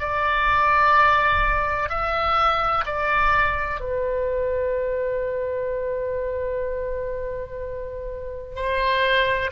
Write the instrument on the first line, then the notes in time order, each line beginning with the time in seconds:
oboe
0.00 D5
1.90 E5
2.86 D5
3.81 B4
8.56 C5